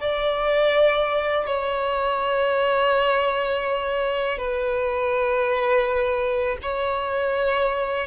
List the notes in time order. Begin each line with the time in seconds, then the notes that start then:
0.00 D5
1.46 C#5
4.38 B4
6.62 C#5